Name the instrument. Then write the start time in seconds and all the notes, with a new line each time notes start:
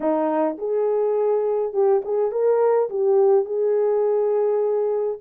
horn
0.00 D#4
0.58 G#4
1.73 G4
2.04 G#4
2.31 A#4
2.89 G4
3.45 G#4